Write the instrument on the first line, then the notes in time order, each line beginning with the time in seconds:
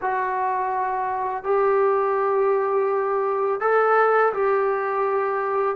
trombone
0.01 F#4
1.43 G4
3.60 A4
4.33 G4